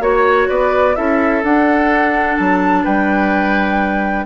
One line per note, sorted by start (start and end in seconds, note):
0.00 0.47 A#3
0.00 0.95 F#4
0.00 0.48 C#5
0.00 0.49 C#5
0.48 0.97 B3
0.48 0.96 B4
0.48 0.95 D5
0.95 1.43 C#4
0.95 1.42 E4
0.95 2.84 A4
0.95 1.43 E5
1.43 2.38 D4
1.43 4.26 D4
1.43 2.36 F#5
2.36 2.85 F#3
2.36 2.83 A5
2.84 4.26 G3
2.84 4.25 B4
2.84 4.26 G5